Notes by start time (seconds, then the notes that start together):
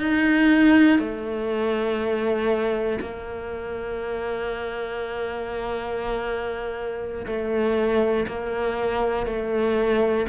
0.00 D#4
1.00 A3
3.01 A#3
7.26 A3
8.28 A#3
9.27 A3